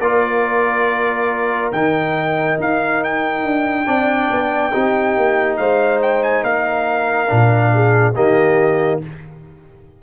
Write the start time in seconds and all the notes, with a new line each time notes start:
0.00 A#3 F4 A#4 D5
1.73 D#3 D#4 G5
2.60 D#4 F5
3.04 G5
3.44 D4
3.86 C4 D4 D5
4.31 B3
4.73 C4 D#4 G4
5.17 A#3
5.57 G#3 C5 F5
6.03 G5
6.23 G#5
6.43 A#3 A#4 F5
7.28 A#2 D4
7.74 G#4
8.16 D#3 A#3 G4 D#5